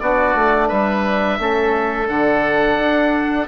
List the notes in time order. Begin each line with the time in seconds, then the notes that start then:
0.00 B3 D4 F#4 D5
0.35 A3
0.68 G3 B4 E5
1.39 A3 C#4 A4
2.08 D3 D4 F#5
2.79 D4